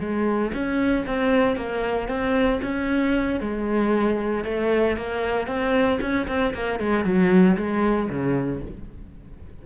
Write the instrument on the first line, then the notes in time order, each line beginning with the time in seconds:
cello
0.00 G#3
0.54 C#4
1.06 C4
1.56 A#3
2.09 C4
2.63 C#4
3.41 G#3
4.45 A3
4.97 A#3
5.47 C4
6.01 C#4
6.28 C4
6.54 A#3
6.80 G#3
7.04 F#3
7.57 G#3
8.10 C#3